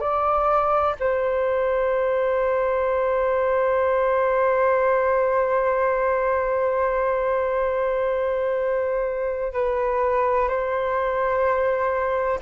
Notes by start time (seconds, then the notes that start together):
0.00 D5
0.99 C5
9.53 B4
10.48 C5